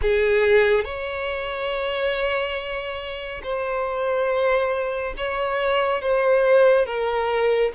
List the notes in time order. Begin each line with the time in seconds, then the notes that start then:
0.01 G#4
0.84 C#5
3.43 C5
5.17 C#5
6.01 C5
6.86 A#4